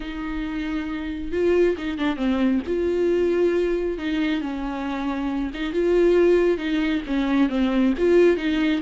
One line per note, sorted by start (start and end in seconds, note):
0.00 1.32 D#4
1.32 1.76 F4
1.77 1.98 D#4
1.98 2.16 D4
2.16 2.60 C4
2.67 3.98 F4
3.98 4.41 D#4
4.41 5.51 C#4
5.54 5.72 D#4
5.72 6.57 F4
6.57 7.01 D#4
7.06 7.49 C#4
7.49 7.93 C4
7.98 8.36 F4
8.36 8.80 D#4